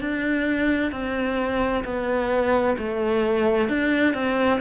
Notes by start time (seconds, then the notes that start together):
0.00 D4
0.91 C4
1.84 B3
2.78 A3
3.68 D4
4.14 C4